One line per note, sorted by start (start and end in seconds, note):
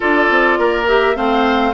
0.00 0.30 D4
0.00 0.84 F4
0.00 0.58 A4
0.00 0.87 D5
0.30 0.58 C4
0.58 1.16 A#3
0.58 1.16 A#4
0.87 1.15 G4
0.87 1.16 E5
1.15 1.73 A3
1.15 1.73 C4
1.15 1.73 C5
1.15 1.73 F5